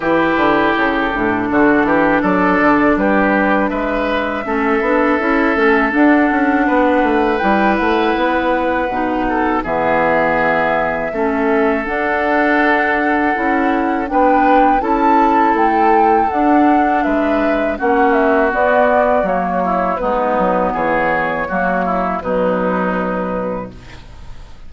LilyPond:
<<
  \new Staff \with { instrumentName = "flute" } { \time 4/4 \tempo 4 = 81 b'4 a'2 d''4 | b'4 e''2. | fis''2 g''8 fis''4.~ | fis''4 e''2. |
fis''2. g''4 | a''4 g''4 fis''4 e''4 | fis''8 e''8 d''4 cis''4 b'4 | cis''2 b'2 | }
  \new Staff \with { instrumentName = "oboe" } { \time 4/4 g'2 fis'8 g'8 a'4 | g'4 b'4 a'2~ | a'4 b'2.~ | b'8 a'8 gis'2 a'4~ |
a'2. b'4 | a'2. b'4 | fis'2~ fis'8 e'8 dis'4 | gis'4 fis'8 e'8 dis'2 | }
  \new Staff \with { instrumentName = "clarinet" } { \time 4/4 e'4. d'2~ d'8~ | d'2 cis'8 d'8 e'8 cis'8 | d'2 e'2 | dis'4 b2 cis'4 |
d'2 e'4 d'4 | e'2 d'2 | cis'4 b4 ais4 b4~ | b4 ais4 fis2 | }
  \new Staff \with { instrumentName = "bassoon" } { \time 4/4 e8 d8 cis8 a,8 d8 e8 fis8 d8 | g4 gis4 a8 b8 cis'8 a8 | d'8 cis'8 b8 a8 g8 a8 b4 | b,4 e2 a4 |
d'2 cis'4 b4 | cis'4 a4 d'4 gis4 | ais4 b4 fis4 gis8 fis8 | e4 fis4 b,2 | }
>>